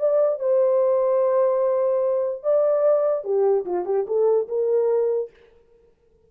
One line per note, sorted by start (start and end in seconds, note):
0.00 0.40 D5
0.40 2.44 C5
2.44 3.25 D5
3.25 3.66 G4
3.66 3.86 F4
3.86 4.06 G4
4.07 4.48 A4
4.49 5.31 A#4